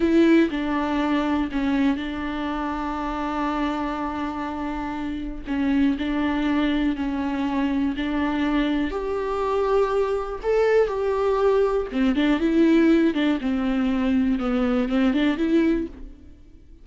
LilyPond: \new Staff \with { instrumentName = "viola" } { \time 4/4 \tempo 4 = 121 e'4 d'2 cis'4 | d'1~ | d'2. cis'4 | d'2 cis'2 |
d'2 g'2~ | g'4 a'4 g'2 | c'8 d'8 e'4. d'8 c'4~ | c'4 b4 c'8 d'8 e'4 | }